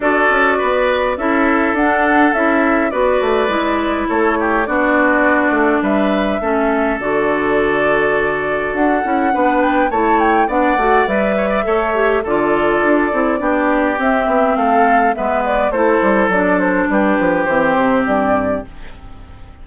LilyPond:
<<
  \new Staff \with { instrumentName = "flute" } { \time 4/4 \tempo 4 = 103 d''2 e''4 fis''4 | e''4 d''2 cis''4 | d''2 e''2 | d''2. fis''4~ |
fis''8 g''8 a''8 g''8 fis''4 e''4~ | e''4 d''2. | e''4 f''4 e''8 d''8 c''4 | d''8 c''8 b'4 c''4 d''4 | }
  \new Staff \with { instrumentName = "oboe" } { \time 4/4 a'4 b'4 a'2~ | a'4 b'2 a'8 g'8 | fis'2 b'4 a'4~ | a'1 |
b'4 cis''4 d''4. cis''16 d''16 | cis''4 a'2 g'4~ | g'4 a'4 b'4 a'4~ | a'4 g'2. | }
  \new Staff \with { instrumentName = "clarinet" } { \time 4/4 fis'2 e'4 d'4 | e'4 fis'4 e'2 | d'2. cis'4 | fis'2.~ fis'8 e'8 |
d'4 e'4 d'8 fis'8 b'4 | a'8 g'8 f'4. e'8 d'4 | c'2 b4 e'4 | d'2 c'2 | }
  \new Staff \with { instrumentName = "bassoon" } { \time 4/4 d'8 cis'8 b4 cis'4 d'4 | cis'4 b8 a8 gis4 a4 | b4. a8 g4 a4 | d2. d'8 cis'8 |
b4 a4 b8 a8 g4 | a4 d4 d'8 c'8 b4 | c'8 b8 a4 gis4 a8 g8 | fis4 g8 f8 e8 c8 g,4 | }
>>